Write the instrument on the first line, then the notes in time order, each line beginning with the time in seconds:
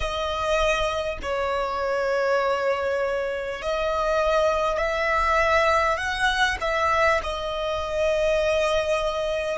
violin
0.00 D#5
1.22 C#5
3.62 D#5
4.77 E5
5.97 F#5
6.61 E5
7.23 D#5